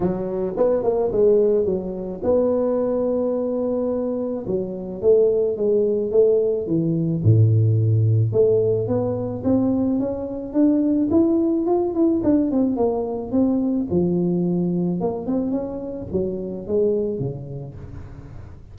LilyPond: \new Staff \with { instrumentName = "tuba" } { \time 4/4 \tempo 4 = 108 fis4 b8 ais8 gis4 fis4 | b1 | fis4 a4 gis4 a4 | e4 a,2 a4 |
b4 c'4 cis'4 d'4 | e'4 f'8 e'8 d'8 c'8 ais4 | c'4 f2 ais8 c'8 | cis'4 fis4 gis4 cis4 | }